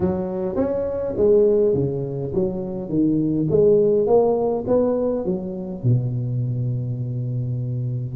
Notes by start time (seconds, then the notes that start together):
0.00 F#3
0.55 C#4
1.17 G#3
1.74 C#3
2.34 F#3
2.89 D#3
3.50 G#3
4.06 A#3
4.67 B3
5.25 F#3
5.83 B2